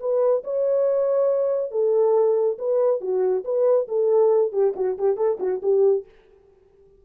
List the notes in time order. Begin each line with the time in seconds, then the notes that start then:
0.00 B4
0.44 C#5
1.71 A4
2.58 B4
3.01 F#4
3.44 B4
3.88 A4
4.52 G4
4.76 F#4
4.98 G4
5.17 A4
5.39 F#4
5.62 G4